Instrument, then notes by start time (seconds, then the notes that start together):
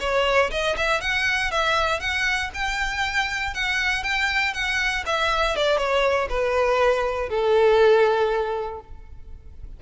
violin
0.00 C#5
0.51 D#5
0.77 E5
1.01 F#5
1.51 E5
2.00 F#5
2.54 G5
3.54 F#5
4.03 G5
4.54 F#5
5.06 E5
5.56 D5
5.78 C#5
6.30 B4
7.29 A4